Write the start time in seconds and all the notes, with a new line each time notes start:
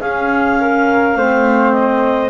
0.00 C#4 G#4 F5
0.60 A#4
1.15 A3 C4 C5
1.72 D#5